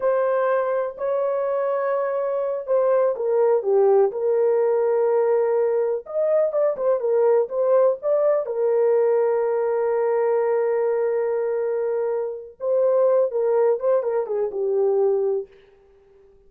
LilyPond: \new Staff \with { instrumentName = "horn" } { \time 4/4 \tempo 4 = 124 c''2 cis''2~ | cis''4. c''4 ais'4 g'8~ | g'8 ais'2.~ ais'8~ | ais'8 dis''4 d''8 c''8 ais'4 c''8~ |
c''8 d''4 ais'2~ ais'8~ | ais'1~ | ais'2 c''4. ais'8~ | ais'8 c''8 ais'8 gis'8 g'2 | }